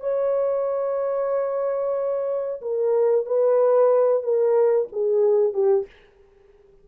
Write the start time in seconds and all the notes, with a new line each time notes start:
0.00 C#5
2.61 A#4
3.25 B4
4.23 A#4
4.92 G#4
5.53 G4